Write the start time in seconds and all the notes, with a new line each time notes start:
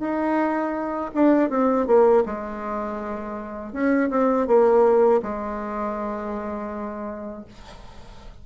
0.00 D#4
1.14 D4
1.50 C4
1.87 A#3
2.26 G#3
3.73 C#4
4.10 C4
4.47 A#3
5.23 G#3